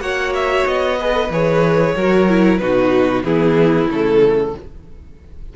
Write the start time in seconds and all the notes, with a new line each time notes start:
0.00 A#3 F#4 C#5 F#5
0.34 E5
0.66 B3 D#5
0.98 G#4 B4
1.13 A4
1.30 E3 G#4 C#5
1.96 F#3 F#4 A#4
2.28 E4
2.58 B2 D#4 F#4 B4
3.23 E3 B3 E4 G#4
3.89 C#3 A3 A4